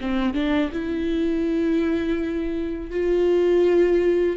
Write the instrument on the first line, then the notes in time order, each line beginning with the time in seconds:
viola
0.00 C4
0.34 D4
0.72 E4
2.90 F4